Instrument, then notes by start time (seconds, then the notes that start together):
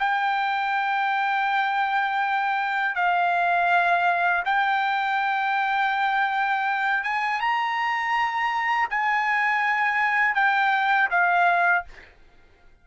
trumpet
0.00 G5
2.96 F5
4.46 G5
7.04 G#5
7.41 A#5
8.91 G#5
10.35 G5
11.11 F5